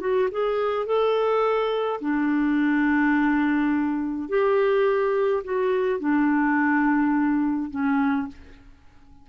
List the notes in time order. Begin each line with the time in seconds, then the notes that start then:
0.00 F#4
0.31 G#4
0.86 A4
2.01 D4
4.29 G4
5.44 F#4
5.99 D4
7.70 C#4